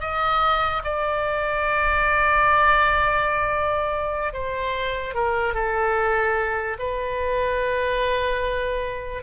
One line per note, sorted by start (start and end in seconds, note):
0.00 0.82 D#5
0.84 4.33 D5
4.33 5.14 C5
5.14 5.54 A#4
5.54 6.77 A4
6.78 9.22 B4